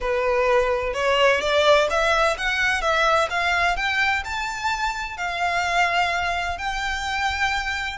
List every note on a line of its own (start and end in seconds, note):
0.00 0.93 B4
0.93 1.40 C#5
1.41 1.87 D5
1.90 2.37 E5
2.37 2.81 F#5
2.81 3.28 E5
3.30 3.76 F5
3.76 4.23 G5
4.24 5.17 A5
5.17 6.58 F5
6.58 7.97 G5